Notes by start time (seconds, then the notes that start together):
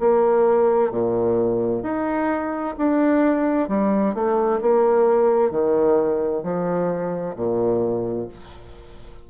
0.00 A#3
0.91 A#2
1.83 D#4
2.77 D4
3.68 G3
4.15 A3
4.62 A#3
5.51 D#3
6.43 F3
7.36 A#2